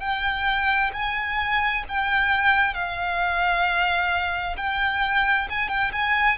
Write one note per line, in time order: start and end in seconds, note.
0.00 0.91 G5
0.93 1.84 G#5
1.88 2.74 G5
2.74 4.56 F5
4.57 5.48 G5
5.50 5.69 G#5
5.69 5.91 G5
5.93 6.38 G#5